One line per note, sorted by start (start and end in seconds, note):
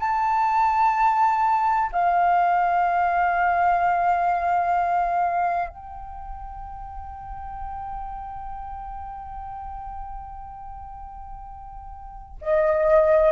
0.00 1.90 A5
1.92 5.69 F5
5.69 12.36 G5
12.42 13.32 D#5